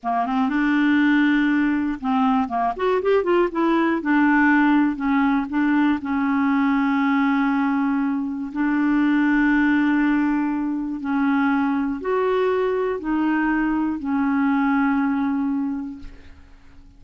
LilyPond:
\new Staff \with { instrumentName = "clarinet" } { \time 4/4 \tempo 4 = 120 ais8 c'8 d'2. | c'4 ais8 fis'8 g'8 f'8 e'4 | d'2 cis'4 d'4 | cis'1~ |
cis'4 d'2.~ | d'2 cis'2 | fis'2 dis'2 | cis'1 | }